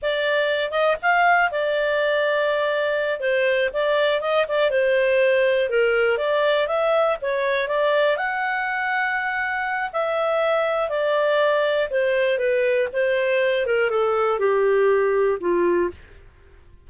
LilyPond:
\new Staff \with { instrumentName = "clarinet" } { \time 4/4 \tempo 4 = 121 d''4. dis''8 f''4 d''4~ | d''2~ d''8 c''4 d''8~ | d''8 dis''8 d''8 c''2 ais'8~ | ais'8 d''4 e''4 cis''4 d''8~ |
d''8 fis''2.~ fis''8 | e''2 d''2 | c''4 b'4 c''4. ais'8 | a'4 g'2 f'4 | }